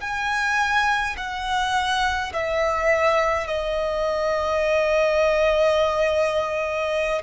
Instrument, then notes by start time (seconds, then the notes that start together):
violin
0.00 G#5
1.17 F#5
2.33 E5
3.47 D#5